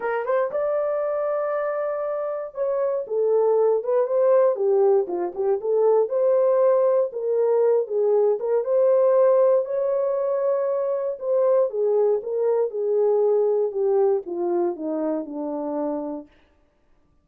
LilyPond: \new Staff \with { instrumentName = "horn" } { \time 4/4 \tempo 4 = 118 ais'8 c''8 d''2.~ | d''4 cis''4 a'4. b'8 | c''4 g'4 f'8 g'8 a'4 | c''2 ais'4. gis'8~ |
gis'8 ais'8 c''2 cis''4~ | cis''2 c''4 gis'4 | ais'4 gis'2 g'4 | f'4 dis'4 d'2 | }